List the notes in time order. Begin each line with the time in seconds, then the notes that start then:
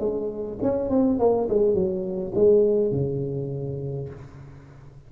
0.00 G#3
0.62 C#4
0.90 C4
1.19 A#3
1.49 G#3
1.74 F#3
2.35 G#3
2.92 C#3